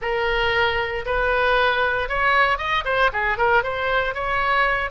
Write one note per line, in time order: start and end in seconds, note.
0.01 1.05 A#4
1.05 2.08 B4
2.08 2.58 C#5
2.58 2.84 D#5
2.84 3.10 C5
3.12 3.37 G#4
3.37 3.63 A#4
3.63 4.14 C5
4.14 4.90 C#5